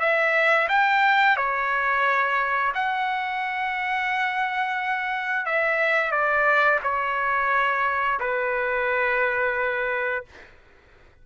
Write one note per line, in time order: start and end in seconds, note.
0.00 0.68 E5
0.69 1.37 G5
1.37 2.73 C#5
2.75 5.46 F#5
5.46 6.11 E5
6.11 6.80 D5
6.83 8.20 C#5
8.20 10.25 B4